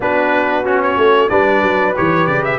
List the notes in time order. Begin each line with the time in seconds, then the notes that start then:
0.00 B3 D4 F#4 B4
0.64 C#4 F#4
0.82 C#5
0.97 A3
1.29 G3 D4 B4 D5
1.62 F#3
1.96 E3 G4 C#5
2.26 C#3 D5
2.44 E5